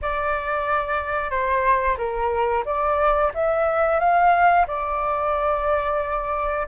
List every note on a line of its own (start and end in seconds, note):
0.02 1.30 D5
1.30 1.97 C5
1.97 2.64 A#4
2.65 3.32 D5
3.34 3.99 E5
3.99 4.66 F5
4.67 6.67 D5